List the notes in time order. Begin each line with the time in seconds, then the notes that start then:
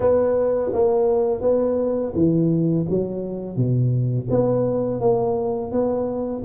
0.00 B3
0.72 A#3
1.41 B3
2.14 E3
2.89 F#3
3.56 B2
4.30 B3
5.00 A#3
5.71 B3